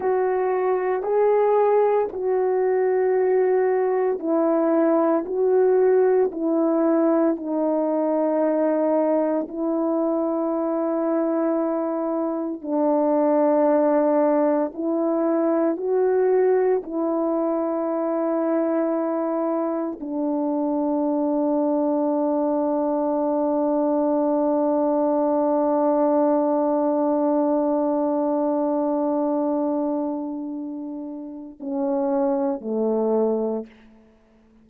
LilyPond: \new Staff \with { instrumentName = "horn" } { \time 4/4 \tempo 4 = 57 fis'4 gis'4 fis'2 | e'4 fis'4 e'4 dis'4~ | dis'4 e'2. | d'2 e'4 fis'4 |
e'2. d'4~ | d'1~ | d'1~ | d'2 cis'4 a4 | }